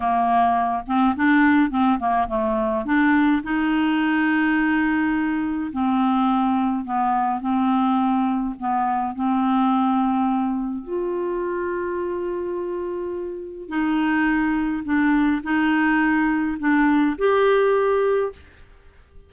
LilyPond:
\new Staff \with { instrumentName = "clarinet" } { \time 4/4 \tempo 4 = 105 ais4. c'8 d'4 c'8 ais8 | a4 d'4 dis'2~ | dis'2 c'2 | b4 c'2 b4 |
c'2. f'4~ | f'1 | dis'2 d'4 dis'4~ | dis'4 d'4 g'2 | }